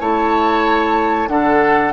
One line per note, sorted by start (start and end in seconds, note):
0.00 1.28 A3
0.00 1.28 E4
0.00 1.29 C#5
0.00 1.28 A5
1.28 1.92 D3
1.28 1.92 D4
1.28 1.92 A4
1.28 1.92 F#5